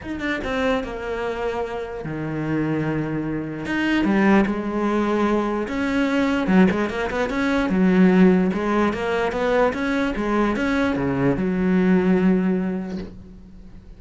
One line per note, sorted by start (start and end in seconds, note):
0.02 0.19 D#4
0.19 0.39 D4
0.43 0.83 C4
0.83 2.04 A#3
2.04 3.65 D#3
3.65 4.04 D#4
4.04 4.44 G3
4.46 5.67 G#3
5.68 6.47 C#4
6.47 6.67 F#3
6.70 6.89 G#3
6.89 7.10 A#3
7.10 7.29 B3
7.29 7.69 C#4
7.69 8.50 F#3
8.53 8.93 G#3
8.93 9.32 A#3
9.32 9.72 B3
9.73 10.14 C#4
10.16 10.56 G#3
10.56 10.96 C#4
10.96 11.36 C#3
11.36 12.98 F#3